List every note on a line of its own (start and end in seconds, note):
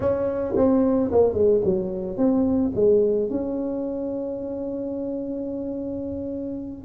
0.00 0.54 C#4
0.56 1.11 C4
1.11 1.33 A#3
1.33 1.60 G#3
1.64 2.17 F#3
2.17 2.71 C4
2.75 3.30 G#3
3.30 6.84 C#4